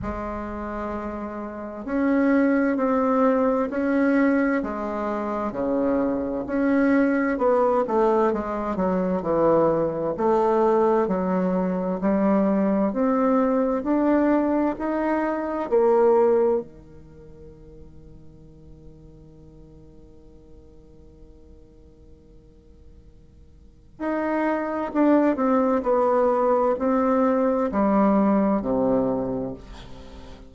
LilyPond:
\new Staff \with { instrumentName = "bassoon" } { \time 4/4 \tempo 4 = 65 gis2 cis'4 c'4 | cis'4 gis4 cis4 cis'4 | b8 a8 gis8 fis8 e4 a4 | fis4 g4 c'4 d'4 |
dis'4 ais4 dis2~ | dis1~ | dis2 dis'4 d'8 c'8 | b4 c'4 g4 c4 | }